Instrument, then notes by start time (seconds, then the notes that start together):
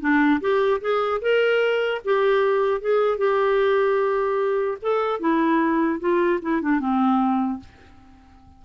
clarinet
0.00 D4
0.41 G4
0.81 G#4
1.21 A#4
2.04 G4
2.81 G#4
3.18 G4
4.81 A4
5.19 E4
6.00 F4
6.42 E4
6.62 D4
6.80 C4